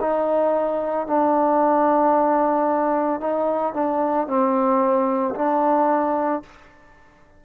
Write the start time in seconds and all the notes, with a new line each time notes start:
0.00 D#4
1.07 D4
3.20 D#4
3.74 D4
4.27 C4
5.35 D4